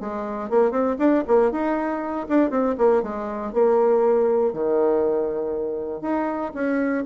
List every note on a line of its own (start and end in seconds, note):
0.00 0.49 G#3
0.49 0.71 A#3
0.71 0.96 C4
0.98 1.24 D4
1.27 1.51 A#3
1.51 2.27 D#4
2.28 2.50 D4
2.50 2.75 C4
2.78 3.02 A#3
3.02 3.53 G#3
3.53 4.53 A#3
4.53 6.01 D#3
6.01 6.52 D#4
6.54 7.04 C#4